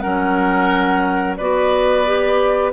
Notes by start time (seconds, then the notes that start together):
0.00 F#3 C#4 A#4 F#5
1.37 B3 F#4 B4 D5
2.06 G4